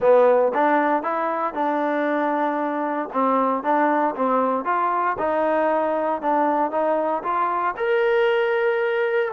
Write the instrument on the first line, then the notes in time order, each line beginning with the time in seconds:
trombone
0.00 B3
0.53 D4
1.03 E4
1.54 D4
3.12 C4
3.63 D4
4.15 C4
4.65 F4
5.18 D#4
6.21 D4
6.71 D#4
7.23 F4
7.76 A#4